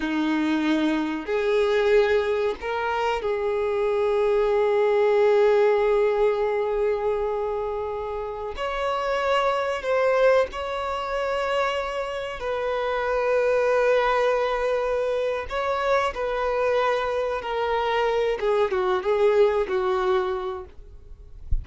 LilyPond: \new Staff \with { instrumentName = "violin" } { \time 4/4 \tempo 4 = 93 dis'2 gis'2 | ais'4 gis'2.~ | gis'1~ | gis'4~ gis'16 cis''2 c''8.~ |
c''16 cis''2. b'8.~ | b'1 | cis''4 b'2 ais'4~ | ais'8 gis'8 fis'8 gis'4 fis'4. | }